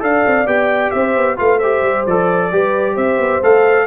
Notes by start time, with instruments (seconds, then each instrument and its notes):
0.00 tuba D4, trombone A4, horn D5, trumpet F5
0.27 tuba C4
0.46 tuba B3, trombone G4, trumpet G5
0.91 tuba C4, horn C5, trumpet E5
1.16 tuba B3
1.36 tuba A3, trombone F4, horn B4, trumpet F5
1.58 trombone G4, horn C5, trumpet E5
1.82 tuba G3
2.07 tuba F3, trombone A4, trumpet D5
2.52 tuba G3, trombone G4, horn B4
2.95 tuba C4, horn C5, trumpet E5
3.18 tuba B3
3.43 tuba A3, trombone A4, trumpet F5